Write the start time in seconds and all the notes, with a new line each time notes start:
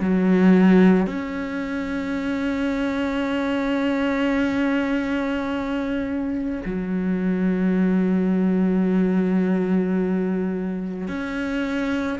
0.00 F#3
1.07 C#4
6.66 F#3
11.08 C#4